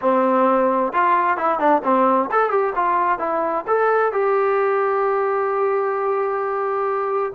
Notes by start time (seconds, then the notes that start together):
0.01 C4
0.92 F4
1.37 E4
1.59 D4
1.83 C4
2.31 A4
2.50 G4
2.75 F4
3.19 E4
3.67 A4
4.12 G4